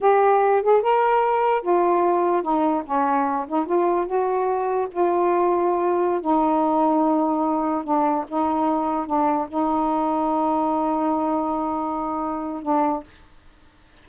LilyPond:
\new Staff \with { instrumentName = "saxophone" } { \time 4/4 \tempo 4 = 147 g'4. gis'8 ais'2 | f'2 dis'4 cis'4~ | cis'8 dis'8 f'4 fis'2 | f'2.~ f'16 dis'8.~ |
dis'2.~ dis'16 d'8.~ | d'16 dis'2 d'4 dis'8.~ | dis'1~ | dis'2. d'4 | }